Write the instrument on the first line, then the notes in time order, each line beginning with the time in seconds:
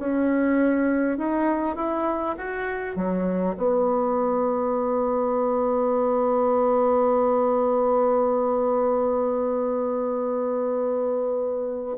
bassoon
0.00 C#4
1.18 D#4
1.76 E4
2.38 F#4
2.96 F#3
3.57 B3